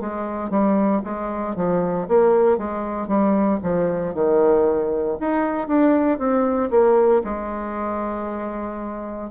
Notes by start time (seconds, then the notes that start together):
0.00 G#3
0.50 G3
1.04 G#3
1.56 F3
2.08 A#3
2.58 G#3
3.08 G3
3.63 F3
4.14 D#3
5.20 D#4
5.68 D4
6.18 C4
6.71 A#3
7.24 G#3